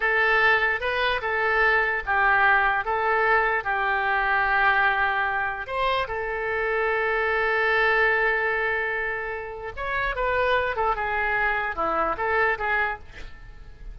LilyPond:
\new Staff \with { instrumentName = "oboe" } { \time 4/4 \tempo 4 = 148 a'2 b'4 a'4~ | a'4 g'2 a'4~ | a'4 g'2.~ | g'2 c''4 a'4~ |
a'1~ | a'1 | cis''4 b'4. a'8 gis'4~ | gis'4 e'4 a'4 gis'4 | }